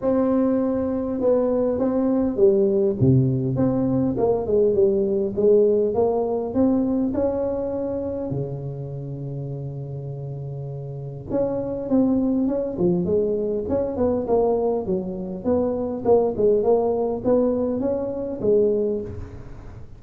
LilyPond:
\new Staff \with { instrumentName = "tuba" } { \time 4/4 \tempo 4 = 101 c'2 b4 c'4 | g4 c4 c'4 ais8 gis8 | g4 gis4 ais4 c'4 | cis'2 cis2~ |
cis2. cis'4 | c'4 cis'8 f8 gis4 cis'8 b8 | ais4 fis4 b4 ais8 gis8 | ais4 b4 cis'4 gis4 | }